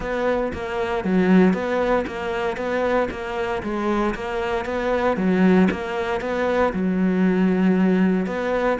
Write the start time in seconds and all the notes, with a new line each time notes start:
0.00 B3
0.53 A#3
1.04 F#3
1.53 B3
2.06 A#3
2.57 B3
3.10 A#3
3.62 G#3
4.14 A#3
4.65 B3
5.16 F#3
5.70 A#3
6.21 B3
6.73 F#3
8.26 B3